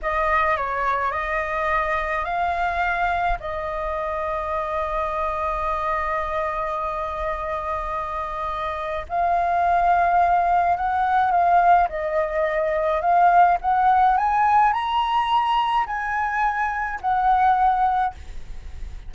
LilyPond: \new Staff \with { instrumentName = "flute" } { \time 4/4 \tempo 4 = 106 dis''4 cis''4 dis''2 | f''2 dis''2~ | dis''1~ | dis''1 |
f''2. fis''4 | f''4 dis''2 f''4 | fis''4 gis''4 ais''2 | gis''2 fis''2 | }